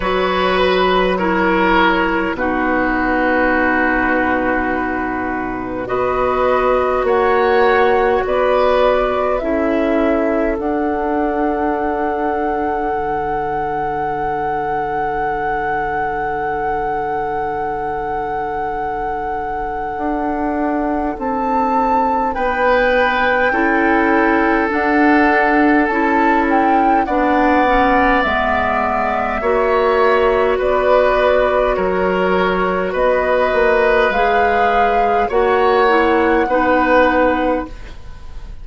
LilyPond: <<
  \new Staff \with { instrumentName = "flute" } { \time 4/4 \tempo 4 = 51 cis''8 b'8 cis''4 b'2~ | b'4 dis''4 fis''4 d''4 | e''4 fis''2.~ | fis''1~ |
fis''2 a''4 g''4~ | g''4 fis''4 a''8 g''8 fis''4 | e''2 d''4 cis''4 | dis''4 f''4 fis''2 | }
  \new Staff \with { instrumentName = "oboe" } { \time 4/4 b'4 ais'4 fis'2~ | fis'4 b'4 cis''4 b'4 | a'1~ | a'1~ |
a'2. b'4 | a'2. d''4~ | d''4 cis''4 b'4 ais'4 | b'2 cis''4 b'4 | }
  \new Staff \with { instrumentName = "clarinet" } { \time 4/4 fis'4 e'4 dis'2~ | dis'4 fis'2. | e'4 d'2.~ | d'1~ |
d'1 | e'4 d'4 e'4 d'8 cis'8 | b4 fis'2.~ | fis'4 gis'4 fis'8 e'8 dis'4 | }
  \new Staff \with { instrumentName = "bassoon" } { \time 4/4 fis2 b,2~ | b,4 b4 ais4 b4 | cis'4 d'2 d4~ | d1~ |
d4 d'4 c'4 b4 | cis'4 d'4 cis'4 b4 | gis4 ais4 b4 fis4 | b8 ais8 gis4 ais4 b4 | }
>>